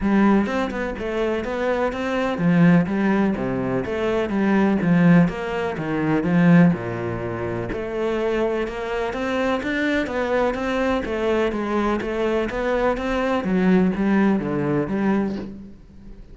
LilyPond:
\new Staff \with { instrumentName = "cello" } { \time 4/4 \tempo 4 = 125 g4 c'8 b8 a4 b4 | c'4 f4 g4 c4 | a4 g4 f4 ais4 | dis4 f4 ais,2 |
a2 ais4 c'4 | d'4 b4 c'4 a4 | gis4 a4 b4 c'4 | fis4 g4 d4 g4 | }